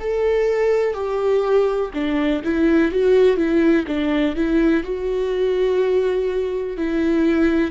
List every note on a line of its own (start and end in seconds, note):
0.00 0.94 A4
0.94 1.91 G4
1.94 2.42 D4
2.44 2.92 E4
2.92 3.37 F#4
3.37 3.85 E4
3.87 4.35 D4
4.35 4.83 E4
4.83 6.77 F#4
6.77 7.71 E4